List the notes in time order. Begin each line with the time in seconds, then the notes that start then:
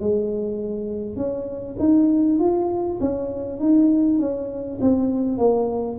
0.00 G#3
1.16 C#4
1.79 D#4
2.39 F4
3.00 C#4
3.59 D#4
4.19 C#4
4.81 C4
5.38 A#3